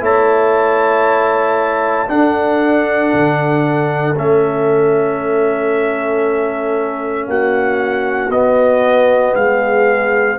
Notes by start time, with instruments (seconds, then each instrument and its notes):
0.00 tuba A3, trombone E4, horn C#5, trumpet A5
2.08 trombone D4, tuba D4, horn A4, trumpet F#5
3.13 tuba D3
4.16 tuba A3, trombone C#4, trumpet E5
7.27 tuba A#3, horn F#4, trumpet F#5
8.29 tuba B3, trombone B3, trumpet D#5
9.35 tuba G#3, horn G#4, trumpet F5